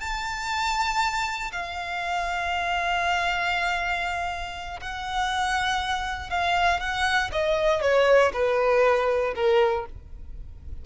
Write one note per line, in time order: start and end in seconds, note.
0.00 1.51 A5
1.52 4.80 F5
4.81 6.30 F#5
6.30 6.80 F5
6.80 7.31 F#5
7.32 7.82 D#5
7.82 8.32 C#5
8.33 9.34 B4
9.36 9.86 A#4